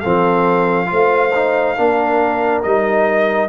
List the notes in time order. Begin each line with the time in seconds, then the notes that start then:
0.00 F3 C4 A4 F5
0.86 A3 F4 C5
1.35 D#4
1.77 A#3 D4 A#4
2.63 G3 D#4 D#5